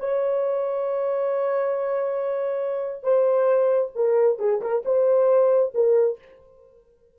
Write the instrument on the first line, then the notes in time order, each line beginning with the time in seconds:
horn
0.00 C#5
3.04 C5
3.95 A#4
4.39 G#4
4.61 A#4
4.85 C5
5.75 A#4